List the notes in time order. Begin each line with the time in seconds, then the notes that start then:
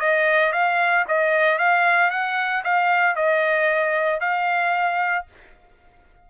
0.00 D#5
0.52 F5
1.08 D#5
1.58 F5
2.11 F#5
2.64 F5
3.16 D#5
4.20 F5